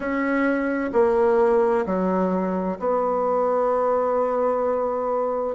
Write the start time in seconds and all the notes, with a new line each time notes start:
0.00 C#4
0.92 A#3
1.85 F#3
2.79 B3